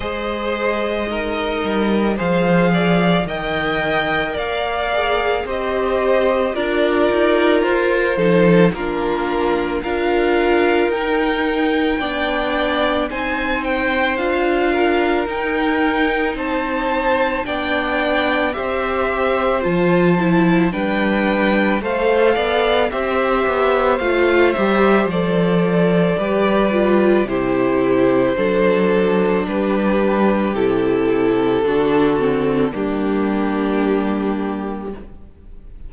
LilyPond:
<<
  \new Staff \with { instrumentName = "violin" } { \time 4/4 \tempo 4 = 55 dis''2 f''4 g''4 | f''4 dis''4 d''4 c''4 | ais'4 f''4 g''2 | gis''8 g''8 f''4 g''4 a''4 |
g''4 e''4 a''4 g''4 | f''4 e''4 f''8 e''8 d''4~ | d''4 c''2 b'4 | a'2 g'2 | }
  \new Staff \with { instrumentName = "violin" } { \time 4/4 c''4 ais'4 c''8 d''8 dis''4 | d''4 c''4 ais'4. a'8 | f'4 ais'2 d''4 | c''4. ais'4. c''4 |
d''4 c''2 b'4 | c''8 d''8 c''2. | b'4 g'4 a'4 g'4~ | g'4 fis'4 d'2 | }
  \new Staff \with { instrumentName = "viola" } { \time 4/4 gis'4 dis'4 gis'4 ais'4~ | ais'8 gis'8 g'4 f'4. dis'8 | d'4 f'4 dis'4 d'4 | dis'4 f'4 dis'2 |
d'4 g'4 f'8 e'8 d'4 | a'4 g'4 f'8 g'8 a'4 | g'8 f'8 e'4 d'2 | e'4 d'8 c'8 ais2 | }
  \new Staff \with { instrumentName = "cello" } { \time 4/4 gis4. g8 f4 dis4 | ais4 c'4 d'8 dis'8 f'8 f8 | ais4 d'4 dis'4 b4 | c'4 d'4 dis'4 c'4 |
b4 c'4 f4 g4 | a8 b8 c'8 b8 a8 g8 f4 | g4 c4 fis4 g4 | c4 d4 g2 | }
>>